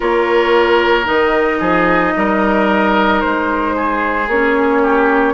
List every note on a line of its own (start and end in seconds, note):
0.00 1.08 A#3
0.00 1.04 F4
0.00 1.58 A#4
0.00 1.07 C#5
1.04 1.60 D#3
1.04 4.25 D#4
1.04 3.21 D#5
1.59 2.13 F3
1.59 2.13 G#4
2.16 3.23 G3
2.16 3.75 A#4
3.21 4.27 G#3
3.21 4.28 C5
3.75 4.82 G#4
4.27 5.33 A#3
4.27 5.33 C#4
4.27 5.33 C#5
4.82 5.33 G4